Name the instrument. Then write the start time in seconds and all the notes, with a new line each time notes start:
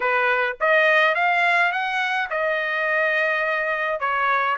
trumpet
0.00 B4
0.60 D#5
1.14 F5
1.71 F#5
2.30 D#5
3.99 C#5